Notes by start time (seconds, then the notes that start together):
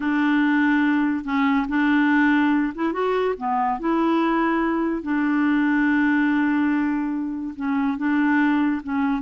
0.00 D4
1.24 C#4
1.68 D4
2.74 E4
2.92 F#4
3.37 B3
3.79 E4
5.02 D4
7.56 C#4
7.97 D4
8.83 C#4